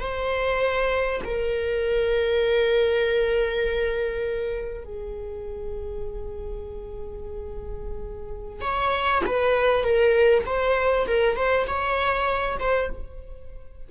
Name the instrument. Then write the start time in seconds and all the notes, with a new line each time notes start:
viola
0.00 C5
1.25 A#4
4.84 G#4
8.61 C#5
9.26 B4
9.83 A#4
10.46 C5
11.07 A#4
11.36 C5
11.67 C#5
12.60 C5